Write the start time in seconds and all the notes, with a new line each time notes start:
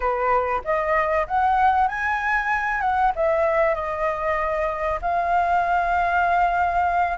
0.00 B4
0.64 D#5
1.27 F#5
1.88 G#5
2.80 F#5
3.15 E5
3.74 D#5
5.01 F5